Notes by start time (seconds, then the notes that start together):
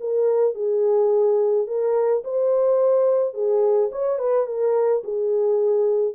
0.00 A#4
0.55 G#4
1.67 A#4
2.24 C5
3.34 G#4
3.92 C#5
4.19 B4
4.47 A#4
5.04 G#4